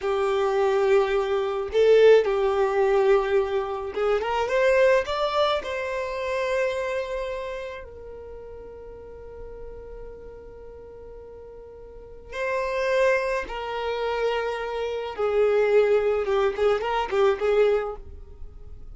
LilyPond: \new Staff \with { instrumentName = "violin" } { \time 4/4 \tempo 4 = 107 g'2. a'4 | g'2. gis'8 ais'8 | c''4 d''4 c''2~ | c''2 ais'2~ |
ais'1~ | ais'2 c''2 | ais'2. gis'4~ | gis'4 g'8 gis'8 ais'8 g'8 gis'4 | }